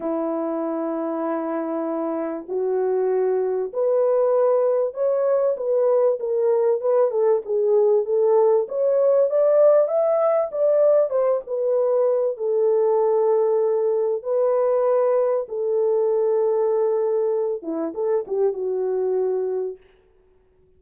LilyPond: \new Staff \with { instrumentName = "horn" } { \time 4/4 \tempo 4 = 97 e'1 | fis'2 b'2 | cis''4 b'4 ais'4 b'8 a'8 | gis'4 a'4 cis''4 d''4 |
e''4 d''4 c''8 b'4. | a'2. b'4~ | b'4 a'2.~ | a'8 e'8 a'8 g'8 fis'2 | }